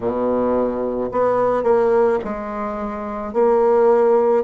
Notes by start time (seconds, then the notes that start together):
0.00 B2
1.11 B3
1.63 A#3
2.24 G#3
3.33 A#3